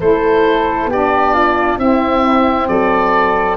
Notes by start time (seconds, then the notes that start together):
0.00 A3 E4 A4 C5
0.85 B3 G4
0.92 D4 D5
1.33 F4
1.77 C4 E4 E5
2.68 F#3 A4 D5